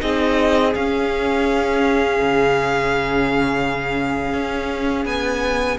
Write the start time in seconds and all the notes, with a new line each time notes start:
0.00 C4 D#4 G#4 D#5
0.75 C#4 F5
2.21 C#3
4.33 C#4
5.05 B3 G#5